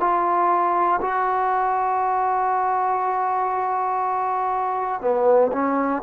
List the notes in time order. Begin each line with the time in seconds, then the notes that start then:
0.00 F4
1.00 F#4
5.00 B3
5.52 C#4